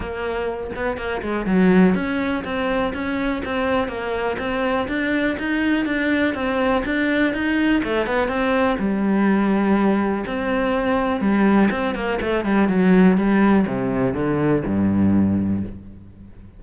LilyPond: \new Staff \with { instrumentName = "cello" } { \time 4/4 \tempo 4 = 123 ais4. b8 ais8 gis8 fis4 | cis'4 c'4 cis'4 c'4 | ais4 c'4 d'4 dis'4 | d'4 c'4 d'4 dis'4 |
a8 b8 c'4 g2~ | g4 c'2 g4 | c'8 ais8 a8 g8 fis4 g4 | c4 d4 g,2 | }